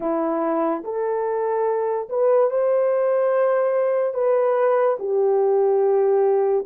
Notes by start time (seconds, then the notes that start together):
0.00 E4
0.83 A4
2.09 B4
2.50 C5
4.14 B4
4.99 G4